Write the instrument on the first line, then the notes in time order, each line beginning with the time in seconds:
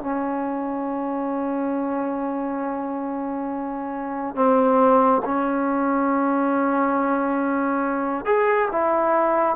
trombone
0.00 C#4
4.34 C4
5.25 C#4
8.25 G#4
8.71 E4